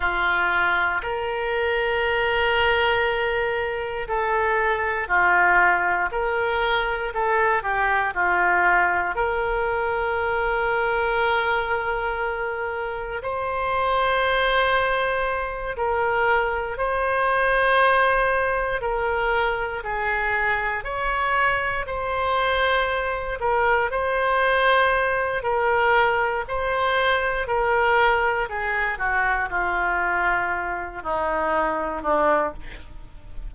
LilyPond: \new Staff \with { instrumentName = "oboe" } { \time 4/4 \tempo 4 = 59 f'4 ais'2. | a'4 f'4 ais'4 a'8 g'8 | f'4 ais'2.~ | ais'4 c''2~ c''8 ais'8~ |
ais'8 c''2 ais'4 gis'8~ | gis'8 cis''4 c''4. ais'8 c''8~ | c''4 ais'4 c''4 ais'4 | gis'8 fis'8 f'4. dis'4 d'8 | }